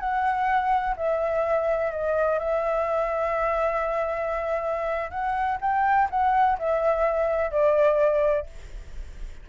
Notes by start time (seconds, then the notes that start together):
0.00 F#5
0.97 E5
1.92 D#5
2.39 E5
5.11 F#5
5.61 G5
6.11 F#5
6.59 E5
7.51 D5